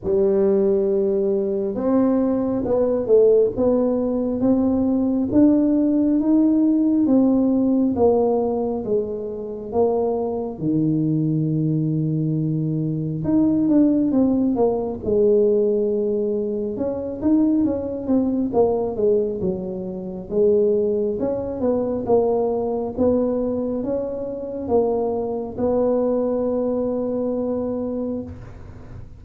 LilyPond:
\new Staff \with { instrumentName = "tuba" } { \time 4/4 \tempo 4 = 68 g2 c'4 b8 a8 | b4 c'4 d'4 dis'4 | c'4 ais4 gis4 ais4 | dis2. dis'8 d'8 |
c'8 ais8 gis2 cis'8 dis'8 | cis'8 c'8 ais8 gis8 fis4 gis4 | cis'8 b8 ais4 b4 cis'4 | ais4 b2. | }